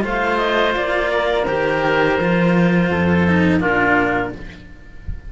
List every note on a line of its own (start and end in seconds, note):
0.00 0.76 A3
0.00 1.43 F4
0.00 1.11 C5
0.00 0.37 F5
0.37 0.73 D#5
0.76 1.47 A#3
0.76 1.45 D5
1.12 2.90 A#4
1.45 2.18 D#3
1.45 2.19 G4
1.45 3.60 C5
2.19 2.90 F3
2.19 3.28 F4
2.90 3.61 F2
2.90 3.60 A4
3.28 3.60 D#4
3.60 4.32 A#2
3.60 4.31 D4
3.60 4.31 F4
3.60 4.32 A#4